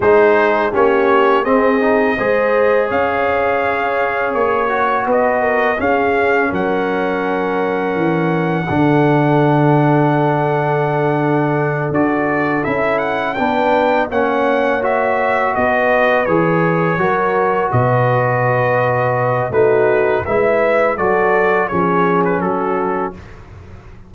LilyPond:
<<
  \new Staff \with { instrumentName = "trumpet" } { \time 4/4 \tempo 4 = 83 c''4 cis''4 dis''2 | f''2 cis''4 dis''4 | f''4 fis''2.~ | fis''1~ |
fis''8 d''4 e''8 fis''8 g''4 fis''8~ | fis''8 e''4 dis''4 cis''4.~ | cis''8 dis''2~ dis''8 b'4 | e''4 d''4 cis''8. b'16 a'4 | }
  \new Staff \with { instrumentName = "horn" } { \time 4/4 gis'4 g'4 gis'4 c''4 | cis''2. b'8 ais'8 | gis'4 ais'2. | a'1~ |
a'2~ a'8 b'4 cis''8~ | cis''4. b'2 ais'8~ | ais'8 b'2~ b'8 fis'4 | b'4 a'4 gis'4 fis'4 | }
  \new Staff \with { instrumentName = "trombone" } { \time 4/4 dis'4 cis'4 c'8 dis'8 gis'4~ | gis'2~ gis'8 fis'4. | cis'1 | d'1~ |
d'8 fis'4 e'4 d'4 cis'8~ | cis'8 fis'2 gis'4 fis'8~ | fis'2. dis'4 | e'4 fis'4 cis'2 | }
  \new Staff \with { instrumentName = "tuba" } { \time 4/4 gis4 ais4 c'4 gis4 | cis'2 ais4 b4 | cis'4 fis2 e4 | d1~ |
d8 d'4 cis'4 b4 ais8~ | ais4. b4 e4 fis8~ | fis8 b,2~ b,8 a4 | gis4 fis4 f4 fis4 | }
>>